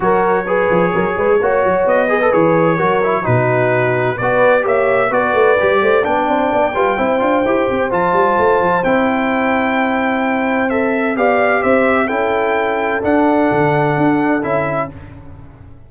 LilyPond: <<
  \new Staff \with { instrumentName = "trumpet" } { \time 4/4 \tempo 4 = 129 cis''1 | dis''4 cis''2 b'4~ | b'4 d''4 e''4 d''4~ | d''4 g''2.~ |
g''4 a''2 g''4~ | g''2. e''4 | f''4 e''4 g''2 | fis''2. e''4 | }
  \new Staff \with { instrumentName = "horn" } { \time 4/4 ais'4 b'4 ais'8 b'8 cis''4~ | cis''8 b'4. ais'4 fis'4~ | fis'4 b'4 cis''4 b'4~ | b'8 c''8 d''8 c''8 d''8 b'8 c''4~ |
c''1~ | c''1 | d''4 c''4 a'2~ | a'1 | }
  \new Staff \with { instrumentName = "trombone" } { \time 4/4 fis'4 gis'2 fis'4~ | fis'8 gis'16 a'16 gis'4 fis'8 e'8 dis'4~ | dis'4 fis'4 g'4 fis'4 | g'4 d'4. f'8 e'8 f'8 |
g'4 f'2 e'4~ | e'2. a'4 | g'2 e'2 | d'2. e'4 | }
  \new Staff \with { instrumentName = "tuba" } { \time 4/4 fis4. f8 fis8 gis8 ais8 fis8 | b4 e4 fis4 b,4~ | b,4 b4 ais4 b8 a8 | g8 a8 b8 c'8 b8 g8 c'8 d'8 |
e'8 c'8 f8 g8 a8 f8 c'4~ | c'1 | b4 c'4 cis'2 | d'4 d4 d'4 cis'4 | }
>>